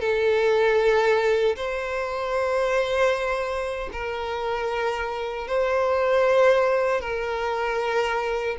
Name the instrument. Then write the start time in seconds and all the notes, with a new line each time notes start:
violin
0.00 A4
1.56 C5
3.93 A#4
5.48 C5
7.01 A#4